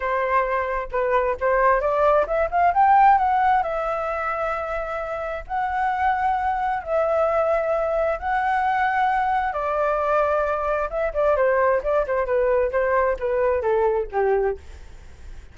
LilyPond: \new Staff \with { instrumentName = "flute" } { \time 4/4 \tempo 4 = 132 c''2 b'4 c''4 | d''4 e''8 f''8 g''4 fis''4 | e''1 | fis''2. e''4~ |
e''2 fis''2~ | fis''4 d''2. | e''8 d''8 c''4 d''8 c''8 b'4 | c''4 b'4 a'4 g'4 | }